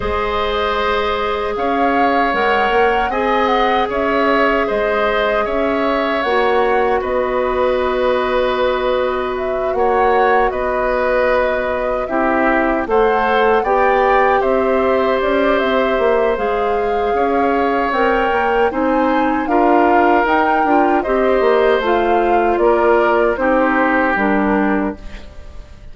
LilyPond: <<
  \new Staff \with { instrumentName = "flute" } { \time 4/4 \tempo 4 = 77 dis''2 f''4 fis''4 | gis''8 fis''8 e''4 dis''4 e''4 | fis''4 dis''2. | e''8 fis''4 dis''2 e''8~ |
e''8 fis''4 g''4 e''4 d''8 | e''4 f''2 g''4 | gis''4 f''4 g''4 dis''4 | f''4 d''4 c''4 ais'4 | }
  \new Staff \with { instrumentName = "oboe" } { \time 4/4 c''2 cis''2 | dis''4 cis''4 c''4 cis''4~ | cis''4 b'2.~ | b'8 cis''4 b'2 g'8~ |
g'8 c''4 d''4 c''4.~ | c''2 cis''2 | c''4 ais'2 c''4~ | c''4 ais'4 g'2 | }
  \new Staff \with { instrumentName = "clarinet" } { \time 4/4 gis'2. ais'4 | gis'1 | fis'1~ | fis'2.~ fis'8 e'8~ |
e'8 a'4 g'2~ g'8~ | g'4 gis'2 ais'4 | dis'4 f'4 dis'8 f'8 g'4 | f'2 dis'4 d'4 | }
  \new Staff \with { instrumentName = "bassoon" } { \time 4/4 gis2 cis'4 gis8 ais8 | c'4 cis'4 gis4 cis'4 | ais4 b2.~ | b8 ais4 b2 c'8~ |
c'8 a4 b4 c'4 cis'8 | c'8 ais8 gis4 cis'4 c'8 ais8 | c'4 d'4 dis'8 d'8 c'8 ais8 | a4 ais4 c'4 g4 | }
>>